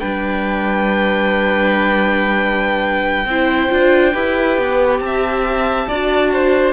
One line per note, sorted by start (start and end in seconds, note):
0.00 3.26 G3
0.00 3.27 D4
0.00 3.27 B4
0.00 5.00 G5
3.26 3.69 C4
3.26 3.70 E4
3.26 4.14 C5
3.70 4.16 D4
3.70 4.13 F4
4.14 4.58 E4
4.14 5.88 G4
4.14 5.01 B4
4.58 5.00 B3
5.00 5.87 C4
5.00 5.88 E5
5.00 6.73 A5
5.88 6.73 D4
5.88 6.73 F#4
5.88 6.32 D5
6.33 6.73 C5